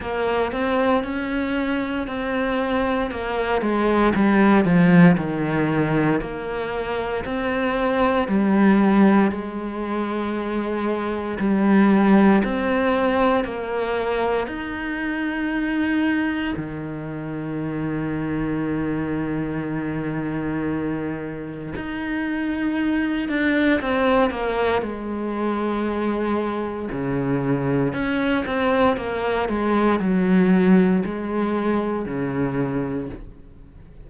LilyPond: \new Staff \with { instrumentName = "cello" } { \time 4/4 \tempo 4 = 58 ais8 c'8 cis'4 c'4 ais8 gis8 | g8 f8 dis4 ais4 c'4 | g4 gis2 g4 | c'4 ais4 dis'2 |
dis1~ | dis4 dis'4. d'8 c'8 ais8 | gis2 cis4 cis'8 c'8 | ais8 gis8 fis4 gis4 cis4 | }